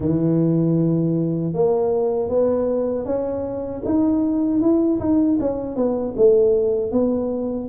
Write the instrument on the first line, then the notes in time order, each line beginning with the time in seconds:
tuba
0.00 E3
1.53 A#3
2.29 B3
3.05 C#4
3.84 D#4
4.60 E4
4.99 D#4
5.40 C#4
5.76 B3
6.16 A3
6.91 B3